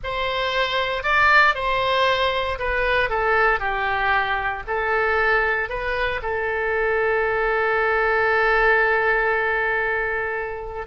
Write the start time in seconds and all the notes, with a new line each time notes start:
0.03 C5
1.03 D5
1.54 C5
2.59 B4
3.09 A4
3.59 G4
4.67 A4
5.69 B4
6.22 A4